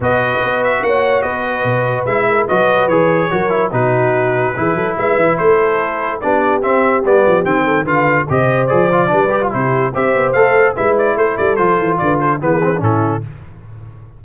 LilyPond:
<<
  \new Staff \with { instrumentName = "trumpet" } { \time 4/4 \tempo 4 = 145 dis''4. e''8 fis''4 dis''4~ | dis''4 e''4 dis''4 cis''4~ | cis''4 b'2. | e''4 c''2 d''4 |
e''4 d''4 g''4 f''4 | dis''4 d''2 c''4 | e''4 f''4 e''8 d''8 c''8 d''8 | c''4 d''8 c''8 b'4 a'4 | }
  \new Staff \with { instrumentName = "horn" } { \time 4/4 b'2 cis''4 b'4~ | b'4. ais'8 b'2 | ais'4 fis'2 gis'8 a'8 | b'4 a'2 g'4~ |
g'2~ g'8 a'8 b'4 | c''2 b'4 g'4 | c''2 b'4 a'4~ | a'4 b'8 a'8 gis'4 e'4 | }
  \new Staff \with { instrumentName = "trombone" } { \time 4/4 fis'1~ | fis'4 e'4 fis'4 gis'4 | fis'8 e'8 dis'2 e'4~ | e'2. d'4 |
c'4 b4 c'4 f'4 | g'4 gis'8 f'8 d'8 g'16 f'16 e'4 | g'4 a'4 e'2 | f'2 b8 c'16 d'16 cis'4 | }
  \new Staff \with { instrumentName = "tuba" } { \time 4/4 b,4 b4 ais4 b4 | b,4 gis4 fis4 e4 | fis4 b,2 e8 fis8 | gis8 e8 a2 b4 |
c'4 g8 f8 dis4 d4 | c4 f4 g4 c4 | c'8 b8 a4 gis4 a8 g8 | f8 e8 d4 e4 a,4 | }
>>